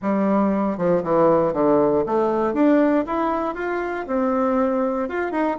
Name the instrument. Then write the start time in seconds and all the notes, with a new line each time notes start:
bassoon
0.02 G3
0.77 F3
1.03 E3
1.53 D3
2.06 A3
2.53 D4
3.06 E4
3.55 F4
4.07 C4
5.08 F4
5.31 D#4